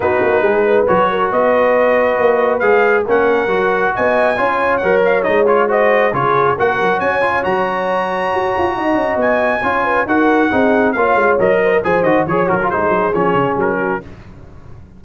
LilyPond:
<<
  \new Staff \with { instrumentName = "trumpet" } { \time 4/4 \tempo 4 = 137 b'2 cis''4 dis''4~ | dis''2 f''4 fis''4~ | fis''4 gis''2 fis''8 f''8 | dis''8 cis''8 dis''4 cis''4 fis''4 |
gis''4 ais''2.~ | ais''4 gis''2 fis''4~ | fis''4 f''4 dis''4 gis''8 dis''8 | cis''8 ais'8 c''4 cis''4 ais'4 | }
  \new Staff \with { instrumentName = "horn" } { \time 4/4 fis'4 gis'8 b'4 ais'8 b'4~ | b'2. ais'4~ | ais'4 dis''4 cis''2~ | cis''4 c''4 gis'4 ais'4 |
cis''1 | dis''2 cis''8 b'8 ais'4 | gis'4 cis''4. c''16 ais'16 c''4 | cis''4 gis'2~ gis'8 fis'8 | }
  \new Staff \with { instrumentName = "trombone" } { \time 4/4 dis'2 fis'2~ | fis'2 gis'4 cis'4 | fis'2 f'4 ais'4 | dis'8 f'8 fis'4 f'4 fis'4~ |
fis'8 f'8 fis'2.~ | fis'2 f'4 fis'4 | dis'4 f'4 ais'4 gis'8 fis'8 | gis'8 fis'16 f'16 dis'4 cis'2 | }
  \new Staff \with { instrumentName = "tuba" } { \time 4/4 b8 ais8 gis4 fis4 b4~ | b4 ais4 gis4 ais4 | fis4 b4 cis'4 fis4 | gis2 cis4 ais8 fis8 |
cis'4 fis2 fis'8 f'8 | dis'8 cis'8 b4 cis'4 dis'4 | c'4 ais8 gis8 fis4 f8 dis8 | f8 fis8 gis8 fis8 f8 cis8 fis4 | }
>>